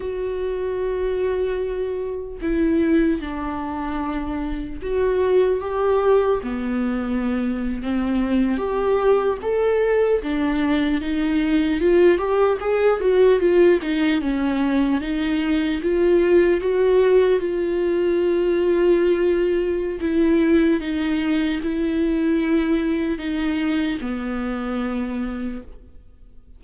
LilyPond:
\new Staff \with { instrumentName = "viola" } { \time 4/4 \tempo 4 = 75 fis'2. e'4 | d'2 fis'4 g'4 | b4.~ b16 c'4 g'4 a'16~ | a'8. d'4 dis'4 f'8 g'8 gis'16~ |
gis'16 fis'8 f'8 dis'8 cis'4 dis'4 f'16~ | f'8. fis'4 f'2~ f'16~ | f'4 e'4 dis'4 e'4~ | e'4 dis'4 b2 | }